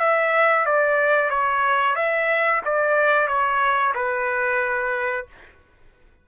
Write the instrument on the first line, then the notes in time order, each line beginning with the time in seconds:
trumpet
0.00 E5
0.66 D5
1.30 C#5
1.96 E5
2.65 D5
3.28 C#5
3.95 B4